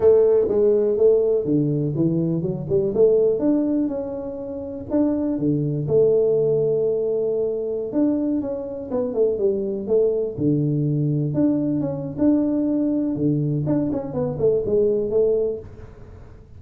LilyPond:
\new Staff \with { instrumentName = "tuba" } { \time 4/4 \tempo 4 = 123 a4 gis4 a4 d4 | e4 fis8 g8 a4 d'4 | cis'2 d'4 d4 | a1~ |
a16 d'4 cis'4 b8 a8 g8.~ | g16 a4 d2 d'8.~ | d'16 cis'8. d'2 d4 | d'8 cis'8 b8 a8 gis4 a4 | }